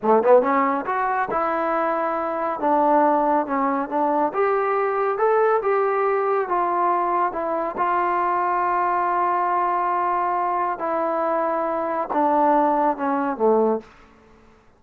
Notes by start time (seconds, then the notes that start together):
0.02 A3
0.23 B3
0.42 C#4
0.85 F#4
1.30 E4
2.60 D4
3.46 C#4
3.89 D4
4.33 G4
5.18 A4
5.62 G4
6.48 F4
7.32 E4
7.77 F4
10.79 E4
12.13 D4
12.96 C#4
13.37 A3